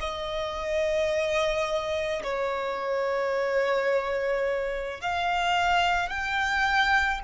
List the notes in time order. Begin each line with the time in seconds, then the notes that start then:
0.00 D#5
2.23 C#5
5.01 F5
6.09 G5